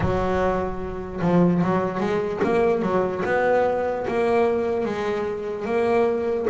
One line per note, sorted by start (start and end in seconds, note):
0.00 1.20 F#3
1.21 1.61 F3
1.62 2.00 F#3
2.00 2.40 G#3
2.43 2.82 A#3
2.82 3.22 F#3
3.25 4.06 B3
4.07 4.85 A#3
4.85 5.65 G#3
5.65 6.46 A#3